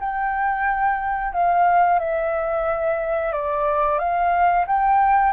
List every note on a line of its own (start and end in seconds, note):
0.00 1.33 G5
1.33 1.99 F5
1.99 3.32 E5
3.32 3.99 D5
3.99 4.65 F5
4.67 5.33 G5